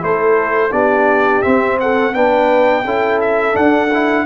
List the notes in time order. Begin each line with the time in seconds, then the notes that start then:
0.00 A3 E4 A4 C5
0.72 B3 D4 G4 D5
1.42 C4 E5
1.80 A4 F#5
2.13 B3 D4 B4 G5
2.85 C#4 E4 A4
3.21 E5
3.53 D4 F#5
3.94 E4